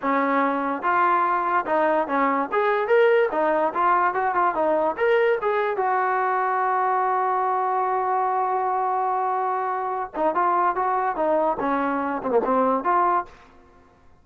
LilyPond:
\new Staff \with { instrumentName = "trombone" } { \time 4/4 \tempo 4 = 145 cis'2 f'2 | dis'4 cis'4 gis'4 ais'4 | dis'4 f'4 fis'8 f'8 dis'4 | ais'4 gis'4 fis'2~ |
fis'1~ | fis'1~ | fis'8 dis'8 f'4 fis'4 dis'4 | cis'4. c'16 ais16 c'4 f'4 | }